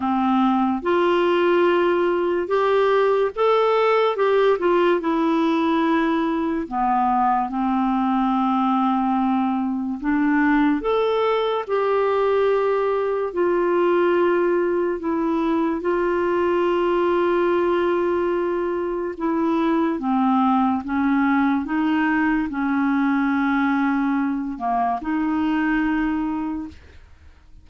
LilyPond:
\new Staff \with { instrumentName = "clarinet" } { \time 4/4 \tempo 4 = 72 c'4 f'2 g'4 | a'4 g'8 f'8 e'2 | b4 c'2. | d'4 a'4 g'2 |
f'2 e'4 f'4~ | f'2. e'4 | c'4 cis'4 dis'4 cis'4~ | cis'4. ais8 dis'2 | }